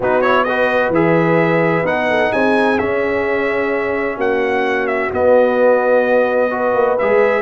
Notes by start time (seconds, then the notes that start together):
0.00 B3 D#4 F#4 B4
0.21 E4 C#5
0.44 F#4 B4 D#5
0.89 E3 G#4 E5
1.84 B3 D#4 F#5
2.09 A4
2.31 C4 G#4 G#5
2.78 C#4 E5
4.16 A#3 F#4 F#5
4.87 E5
5.12 B3 D#5
6.50 F#4 B4
6.73 A#3
6.98 G#3 G#4 E5